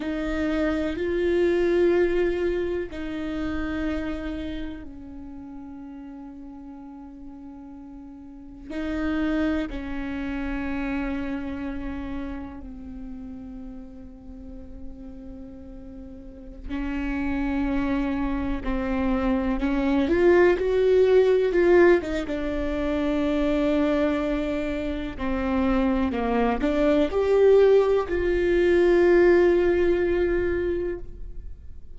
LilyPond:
\new Staff \with { instrumentName = "viola" } { \time 4/4 \tempo 4 = 62 dis'4 f'2 dis'4~ | dis'4 cis'2.~ | cis'4 dis'4 cis'2~ | cis'4 c'2.~ |
c'4~ c'16 cis'2 c'8.~ | c'16 cis'8 f'8 fis'4 f'8 dis'16 d'4~ | d'2 c'4 ais8 d'8 | g'4 f'2. | }